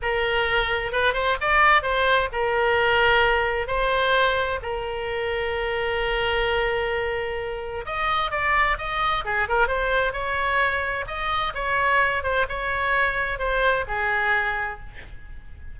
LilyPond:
\new Staff \with { instrumentName = "oboe" } { \time 4/4 \tempo 4 = 130 ais'2 b'8 c''8 d''4 | c''4 ais'2. | c''2 ais'2~ | ais'1~ |
ais'4 dis''4 d''4 dis''4 | gis'8 ais'8 c''4 cis''2 | dis''4 cis''4. c''8 cis''4~ | cis''4 c''4 gis'2 | }